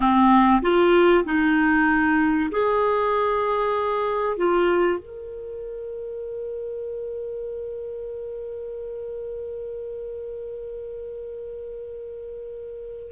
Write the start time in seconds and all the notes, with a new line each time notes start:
0.00 C4
0.61 F4
1.24 D#4
2.51 G#4
4.36 F4
4.99 A#4